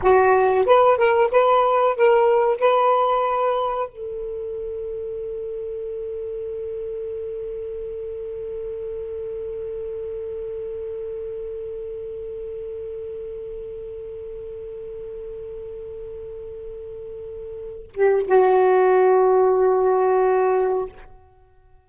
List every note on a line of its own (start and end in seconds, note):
0.02 0.66 F#4
0.66 0.97 B4
0.97 1.30 A#4
1.31 1.96 B4
1.96 2.59 A#4
2.59 3.89 B4
3.89 17.91 A4
17.93 18.26 G4
18.27 20.88 F#4